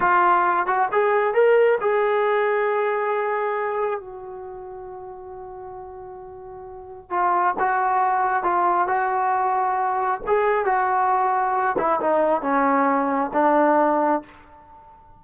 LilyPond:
\new Staff \with { instrumentName = "trombone" } { \time 4/4 \tempo 4 = 135 f'4. fis'8 gis'4 ais'4 | gis'1~ | gis'4 fis'2.~ | fis'1 |
f'4 fis'2 f'4 | fis'2. gis'4 | fis'2~ fis'8 e'8 dis'4 | cis'2 d'2 | }